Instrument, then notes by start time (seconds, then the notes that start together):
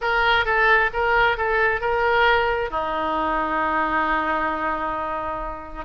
oboe
0.01 A#4
0.45 A4
0.93 A#4
1.37 A4
1.80 A#4
2.70 D#4